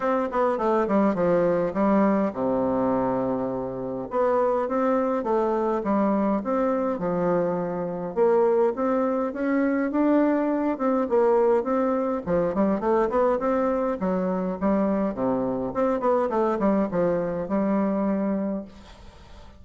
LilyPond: \new Staff \with { instrumentName = "bassoon" } { \time 4/4 \tempo 4 = 103 c'8 b8 a8 g8 f4 g4 | c2. b4 | c'4 a4 g4 c'4 | f2 ais4 c'4 |
cis'4 d'4. c'8 ais4 | c'4 f8 g8 a8 b8 c'4 | fis4 g4 c4 c'8 b8 | a8 g8 f4 g2 | }